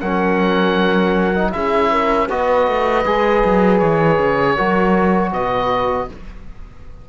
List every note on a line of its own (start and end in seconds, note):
0.00 1.54 F#3
0.00 1.34 C#4
0.00 1.53 A#4
0.00 1.52 F#5
1.34 1.51 D#4
1.51 2.29 C#4
1.51 2.27 E4
1.51 1.91 G#4
1.51 2.28 E5
1.91 2.29 A#4
2.29 2.67 B3
2.29 3.05 F#4
2.29 4.55 B4
2.29 3.78 D#5
2.67 3.05 A3
3.05 3.43 G#3
3.05 4.56 G#4
3.44 3.81 F#3
3.78 4.18 E3
3.78 5.30 C#5
4.18 4.56 C#3
4.55 5.32 F#3
4.55 6.08 F#4
4.55 5.31 A#4
5.32 6.08 B2
5.32 6.08 B4
5.32 6.08 D#5